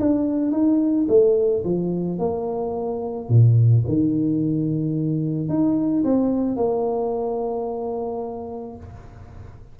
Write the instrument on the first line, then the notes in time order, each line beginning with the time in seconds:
tuba
0.00 D4
0.52 D#4
1.08 A3
1.64 F3
2.19 A#3
3.29 A#2
3.87 D#3
5.48 D#4
6.04 C4
6.57 A#3